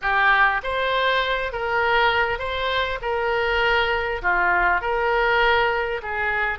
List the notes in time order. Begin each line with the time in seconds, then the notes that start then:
0.01 G4
0.63 C5
1.52 A#4
2.38 C5
3.01 A#4
4.22 F4
4.81 A#4
6.02 G#4